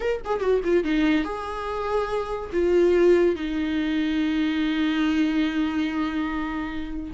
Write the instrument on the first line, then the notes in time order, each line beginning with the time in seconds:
viola
0.00 A#4
0.24 G#4
0.39 F#4
0.64 F4
0.84 D#4
1.24 G#4
2.52 F4
3.35 D#4